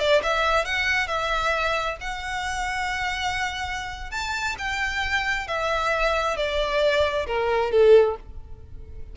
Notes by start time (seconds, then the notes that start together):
0.00 D5
0.24 E5
0.65 F#5
1.08 E5
2.01 F#5
4.12 A5
4.59 G5
5.48 E5
6.37 D5
7.27 A#4
7.72 A4